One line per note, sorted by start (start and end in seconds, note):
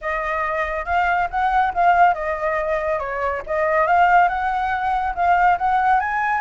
0.01 0.85 D#5
0.85 1.28 F5
1.30 1.73 F#5
1.74 2.14 F5
2.14 2.99 D#5
2.99 3.42 C#5
3.46 3.86 D#5
3.86 4.28 F5
4.28 5.14 F#5
5.14 5.57 F5
5.57 6.00 F#5
6.00 6.41 G#5